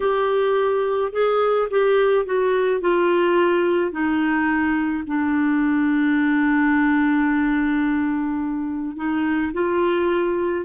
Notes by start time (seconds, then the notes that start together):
0.00 G4
1.12 G#4
1.70 G4
2.25 F#4
2.80 F4
3.91 D#4
5.06 D4
8.96 D#4
9.53 F4